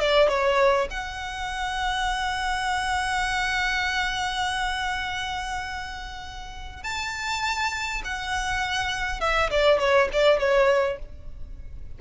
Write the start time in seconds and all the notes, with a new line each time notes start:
0.00 D5
0.28 C#5
0.90 F#5
6.83 A5
8.04 F#5
9.20 E5
9.50 D5
9.79 C#5
10.13 D5
10.39 C#5